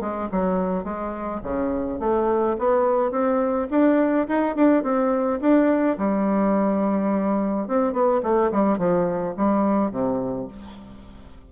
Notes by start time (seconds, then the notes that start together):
0.00 G#3
0.32 F#3
0.84 G#3
1.43 C#3
1.99 A3
2.58 B3
3.11 C4
3.70 D4
4.28 D#4
4.55 D4
4.83 C4
5.40 D4
5.98 G3
7.67 C4
7.92 B3
8.23 A3
8.51 G3
8.78 F3
9.37 G3
9.91 C3